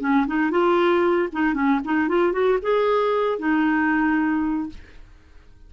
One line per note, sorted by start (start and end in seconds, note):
0.00 0.26 C#4
0.27 0.51 D#4
0.51 1.29 F4
1.33 1.54 D#4
1.54 1.80 C#4
1.85 2.08 D#4
2.08 2.32 F4
2.32 2.58 F#4
2.62 3.39 G#4
3.39 4.69 D#4